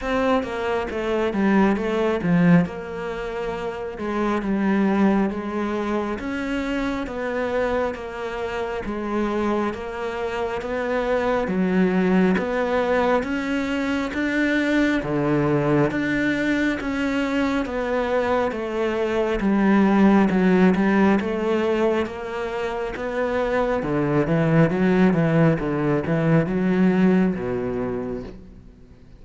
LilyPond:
\new Staff \with { instrumentName = "cello" } { \time 4/4 \tempo 4 = 68 c'8 ais8 a8 g8 a8 f8 ais4~ | ais8 gis8 g4 gis4 cis'4 | b4 ais4 gis4 ais4 | b4 fis4 b4 cis'4 |
d'4 d4 d'4 cis'4 | b4 a4 g4 fis8 g8 | a4 ais4 b4 d8 e8 | fis8 e8 d8 e8 fis4 b,4 | }